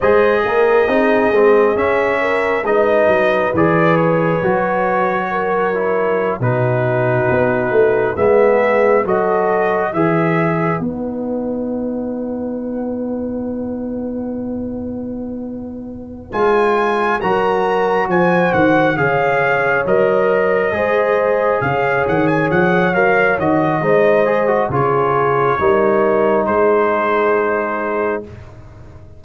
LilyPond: <<
  \new Staff \with { instrumentName = "trumpet" } { \time 4/4 \tempo 4 = 68 dis''2 e''4 dis''4 | d''8 cis''2~ cis''8. b'8.~ | b'4~ b'16 e''4 dis''4 e''8.~ | e''16 fis''2.~ fis''8.~ |
fis''2~ fis''8 gis''4 ais''8~ | ais''8 gis''8 fis''8 f''4 dis''4.~ | dis''8 f''8 fis''16 gis''16 fis''8 f''8 dis''4. | cis''2 c''2 | }
  \new Staff \with { instrumentName = "horn" } { \time 4/4 c''8 ais'8 gis'4. ais'8 b'4~ | b'2 ais'4~ ais'16 fis'8.~ | fis'4~ fis'16 gis'4 a'4 b'8.~ | b'1~ |
b'2.~ b'8 ais'8~ | ais'8 c''4 cis''2 c''8~ | c''8 cis''2~ cis''8 c''4 | gis'4 ais'4 gis'2 | }
  \new Staff \with { instrumentName = "trombone" } { \time 4/4 gis'4 dis'8 c'8 cis'4 dis'4 | gis'4 fis'4. e'8. dis'8.~ | dis'4~ dis'16 b4 fis'4 gis'8.~ | gis'16 dis'2.~ dis'8.~ |
dis'2~ dis'8 f'4 fis'8~ | fis'4. gis'4 ais'4 gis'8~ | gis'2 ais'8 fis'8 dis'8 gis'16 fis'16 | f'4 dis'2. | }
  \new Staff \with { instrumentName = "tuba" } { \time 4/4 gis8 ais8 c'8 gis8 cis'4 gis8 fis8 | e4 fis2~ fis16 b,8.~ | b,16 b8 a8 gis4 fis4 e8.~ | e16 b2.~ b8.~ |
b2~ b8 gis4 fis8~ | fis8 f8 dis8 cis4 fis4 gis8~ | gis8 cis8 dis8 f8 fis8 dis8 gis4 | cis4 g4 gis2 | }
>>